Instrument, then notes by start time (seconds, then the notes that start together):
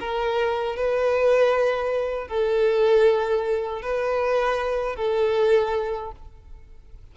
violin
0.00 A#4
0.76 B4
2.28 A4
3.81 B4
4.96 A4